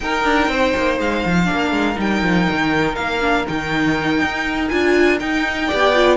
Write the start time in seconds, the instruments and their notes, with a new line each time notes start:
0.00 cello D#4, viola D#4, violin A#4 G5
0.24 cello D4
0.48 cello C4, violin C5
0.76 cello A#3
0.99 cello G#3, violin F5
1.25 cello F3
1.45 cello A#3, viola D4, violin A#4
1.71 cello G#3
1.96 cello G3, viola D#4, violin G5
2.22 cello F3
2.50 cello D#3
2.95 cello A#3, violin F5
3.21 viola D4
3.46 cello D#3, viola D#4, violin G5
4.21 cello D#4
4.68 cello D4, viola F4, violin G#5
5.19 viola D#4, cello D#4, violin G5
5.67 cello B3, viola G4, violin D5
5.95 viola F4